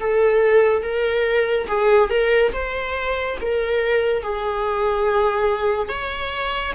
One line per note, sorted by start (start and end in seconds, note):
0.00 0.83 A4
0.83 1.67 A#4
1.67 2.10 G#4
2.10 2.52 A#4
2.53 3.37 C5
3.41 4.23 A#4
4.23 5.89 G#4
5.89 6.73 C#5